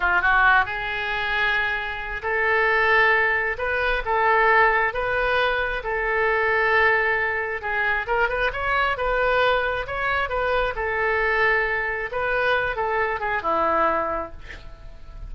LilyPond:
\new Staff \with { instrumentName = "oboe" } { \time 4/4 \tempo 4 = 134 f'8 fis'4 gis'2~ gis'8~ | gis'4 a'2. | b'4 a'2 b'4~ | b'4 a'2.~ |
a'4 gis'4 ais'8 b'8 cis''4 | b'2 cis''4 b'4 | a'2. b'4~ | b'8 a'4 gis'8 e'2 | }